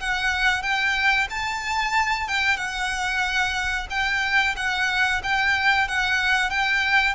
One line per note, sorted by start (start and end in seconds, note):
0.00 0.63 F#5
0.63 1.28 G5
1.30 2.28 A5
2.28 2.57 G5
2.57 3.87 F#5
3.90 4.55 G5
4.56 5.21 F#5
5.23 5.88 G5
5.88 6.50 F#5
6.50 7.15 G5